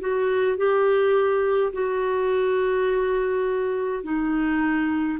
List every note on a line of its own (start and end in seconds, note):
0.00 0.57 F#4
0.57 1.72 G4
1.73 4.03 F#4
4.03 5.18 D#4